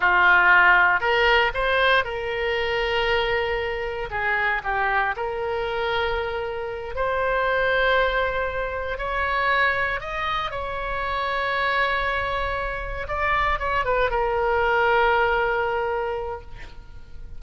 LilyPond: \new Staff \with { instrumentName = "oboe" } { \time 4/4 \tempo 4 = 117 f'2 ais'4 c''4 | ais'1 | gis'4 g'4 ais'2~ | ais'4. c''2~ c''8~ |
c''4. cis''2 dis''8~ | dis''8 cis''2.~ cis''8~ | cis''4. d''4 cis''8 b'8 ais'8~ | ais'1 | }